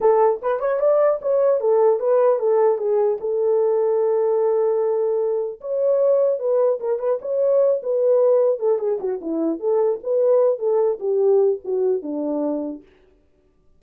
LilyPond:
\new Staff \with { instrumentName = "horn" } { \time 4/4 \tempo 4 = 150 a'4 b'8 cis''8 d''4 cis''4 | a'4 b'4 a'4 gis'4 | a'1~ | a'2 cis''2 |
b'4 ais'8 b'8 cis''4. b'8~ | b'4. a'8 gis'8 fis'8 e'4 | a'4 b'4. a'4 g'8~ | g'4 fis'4 d'2 | }